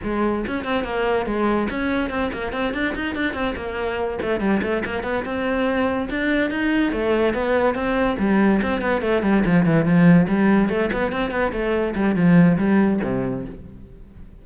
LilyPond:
\new Staff \with { instrumentName = "cello" } { \time 4/4 \tempo 4 = 143 gis4 cis'8 c'8 ais4 gis4 | cis'4 c'8 ais8 c'8 d'8 dis'8 d'8 | c'8 ais4. a8 g8 a8 ais8 | b8 c'2 d'4 dis'8~ |
dis'8 a4 b4 c'4 g8~ | g8 c'8 b8 a8 g8 f8 e8 f8~ | f8 g4 a8 b8 c'8 b8 a8~ | a8 g8 f4 g4 c4 | }